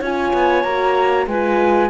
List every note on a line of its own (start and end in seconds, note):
0.00 0.32 C#4
0.00 0.66 F4
0.00 1.26 C#5
0.00 0.63 G#5
0.33 0.64 B3
0.63 1.26 A#3
0.63 1.29 F#4
0.63 1.26 A#5
1.26 1.89 G#3
1.26 1.89 F4
1.26 1.89 B4
1.26 1.89 G#5